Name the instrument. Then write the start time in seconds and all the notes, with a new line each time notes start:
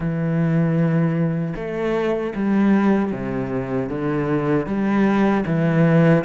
cello
0.00 E3
1.55 A3
2.35 G3
3.12 C3
3.89 D3
4.66 G3
5.45 E3